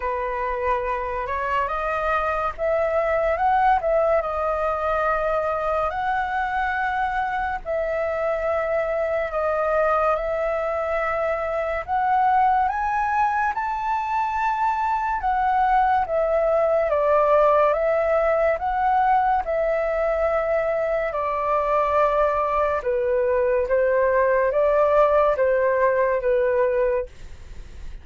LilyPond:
\new Staff \with { instrumentName = "flute" } { \time 4/4 \tempo 4 = 71 b'4. cis''8 dis''4 e''4 | fis''8 e''8 dis''2 fis''4~ | fis''4 e''2 dis''4 | e''2 fis''4 gis''4 |
a''2 fis''4 e''4 | d''4 e''4 fis''4 e''4~ | e''4 d''2 b'4 | c''4 d''4 c''4 b'4 | }